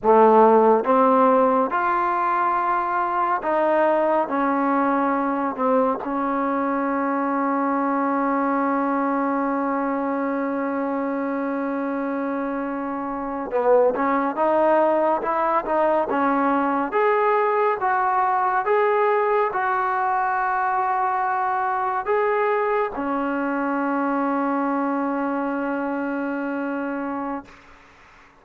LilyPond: \new Staff \with { instrumentName = "trombone" } { \time 4/4 \tempo 4 = 70 a4 c'4 f'2 | dis'4 cis'4. c'8 cis'4~ | cis'1~ | cis'2.~ cis'8. b16~ |
b16 cis'8 dis'4 e'8 dis'8 cis'4 gis'16~ | gis'8. fis'4 gis'4 fis'4~ fis'16~ | fis'4.~ fis'16 gis'4 cis'4~ cis'16~ | cis'1 | }